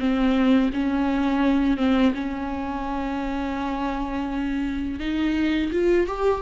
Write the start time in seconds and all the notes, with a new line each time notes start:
0.00 C4
0.74 C#4
1.78 C4
2.15 C#4
5.00 D#4
5.72 F4
6.07 G4